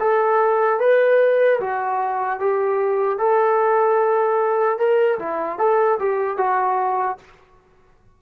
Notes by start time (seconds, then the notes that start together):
0.00 A4
0.80 B4
1.60 F#4
2.40 G4
3.19 A4
4.79 A#4
5.19 E4
5.59 A4
6.00 G4
6.37 F#4